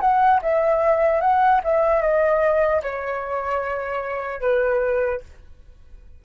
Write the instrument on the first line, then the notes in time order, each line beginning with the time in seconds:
flute
0.00 F#5
0.42 E5
1.21 F#5
1.64 E5
2.01 D#5
2.82 C#5
4.40 B4